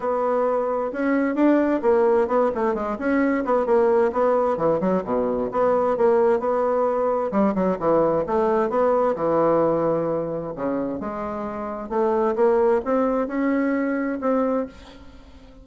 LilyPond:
\new Staff \with { instrumentName = "bassoon" } { \time 4/4 \tempo 4 = 131 b2 cis'4 d'4 | ais4 b8 a8 gis8 cis'4 b8 | ais4 b4 e8 fis8 b,4 | b4 ais4 b2 |
g8 fis8 e4 a4 b4 | e2. cis4 | gis2 a4 ais4 | c'4 cis'2 c'4 | }